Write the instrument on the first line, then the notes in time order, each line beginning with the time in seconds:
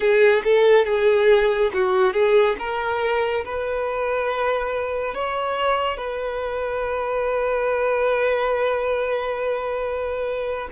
violin
0.00 G#4
0.44 A4
0.85 G#4
1.73 F#4
2.13 G#4
2.58 A#4
3.44 B4
5.14 C#5
5.97 B4